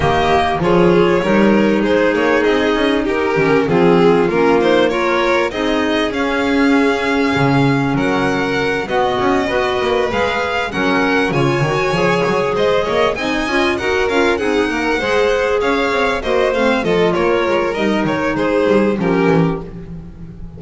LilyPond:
<<
  \new Staff \with { instrumentName = "violin" } { \time 4/4 \tempo 4 = 98 dis''4 cis''2 c''8 cis''8 | dis''4 ais'4 gis'4 ais'8 c''8 | cis''4 dis''4 f''2~ | f''4 fis''4. dis''4.~ |
dis''8 f''4 fis''4 gis''4.~ | gis''8 dis''4 gis''4 fis''8 f''8 fis''8~ | fis''4. f''4 dis''8 f''8 dis''8 | cis''4 dis''8 cis''8 c''4 ais'4 | }
  \new Staff \with { instrumentName = "violin" } { \time 4/4 g'4 gis'4 ais'4 gis'4~ | gis'4 g'4 f'2 | ais'4 gis'2.~ | gis'4 ais'4. fis'4 b'8~ |
b'4. ais'4 cis''4.~ | cis''8 c''8 cis''8 dis''4 ais'4 gis'8 | ais'8 c''4 cis''4 c''4 a'8 | ais'2 gis'4 g'4 | }
  \new Staff \with { instrumentName = "clarinet" } { \time 4/4 ais4 f'4 dis'2~ | dis'4. cis'8 c'4 cis'8 dis'8 | f'4 dis'4 cis'2~ | cis'2~ cis'8 b4 fis'8~ |
fis'8 gis'4 cis'4 f'8 fis'8 gis'8~ | gis'4. dis'8 f'8 fis'8 f'8 dis'8~ | dis'8 gis'2 fis'8 c'8 f'8~ | f'4 dis'2 cis'4 | }
  \new Staff \with { instrumentName = "double bass" } { \time 4/4 dis4 f4 g4 gis8 ais8 | c'8 cis'8 dis'8 dis8 f4 ais4~ | ais4 c'4 cis'2 | cis4 fis4. b8 cis'8 b8 |
ais8 gis4 fis4 cis8 dis8 f8 | fis8 gis8 ais8 c'8 cis'8 dis'8 cis'8 c'8 | ais8 gis4 cis'8 c'8 ais8 a8 f8 | ais8 gis8 g8 dis8 gis8 g8 f8 e8 | }
>>